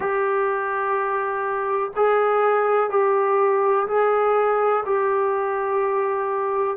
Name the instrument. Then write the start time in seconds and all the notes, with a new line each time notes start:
trombone
0.00 G4
1.96 G#4
2.89 G4
3.87 G#4
4.85 G4